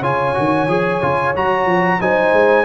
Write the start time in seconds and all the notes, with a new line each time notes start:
0.00 C#3 F4 C#5 G#5
0.35 D#3 F#4
0.68 F3 G#4
1.02 C#3 F4
1.36 F#3 F#4 A#5
1.66 F3
2.01 F#3 D#4 C5 G#5
2.33 G#3